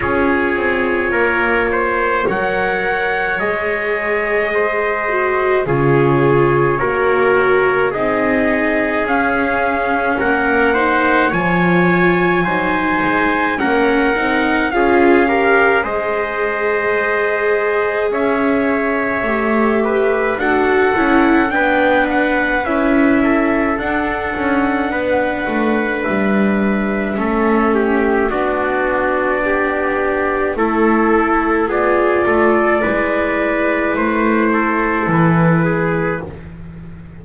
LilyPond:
<<
  \new Staff \with { instrumentName = "trumpet" } { \time 4/4 \tempo 4 = 53 cis''2 fis''4 dis''4~ | dis''4 cis''2 dis''4 | f''4 fis''4 gis''2 | fis''4 f''4 dis''2 |
e''2 fis''4 g''8 fis''8 | e''4 fis''2 e''4~ | e''4 d''2 a'4 | d''2 c''4 b'4 | }
  \new Staff \with { instrumentName = "trumpet" } { \time 4/4 gis'4 ais'8 c''8 cis''2 | c''4 gis'4 ais'4 gis'4~ | gis'4 ais'8 c''8 cis''4 c''4 | ais'4 gis'8 ais'8 c''2 |
cis''4. b'8 a'4 b'4~ | b'8 a'4. b'2 | a'8 g'8 fis'4 g'4 a'4 | gis'8 a'8 b'4. a'4 gis'8 | }
  \new Staff \with { instrumentName = "viola" } { \time 4/4 f'2 ais'4 gis'4~ | gis'8 fis'8 f'4 fis'4 dis'4 | cis'4. dis'8 f'4 dis'4 | cis'8 dis'8 f'8 g'8 gis'2~ |
gis'4 g'4 fis'8 e'8 d'4 | e'4 d'2. | cis'4 d'2 e'4 | f'4 e'2. | }
  \new Staff \with { instrumentName = "double bass" } { \time 4/4 cis'8 c'8 ais4 fis4 gis4~ | gis4 cis4 ais4 c'4 | cis'4 ais4 f4 fis8 gis8 | ais8 c'8 cis'4 gis2 |
cis'4 a4 d'8 cis'8 b4 | cis'4 d'8 cis'8 b8 a8 g4 | a4 b2 a4 | b8 a8 gis4 a4 e4 | }
>>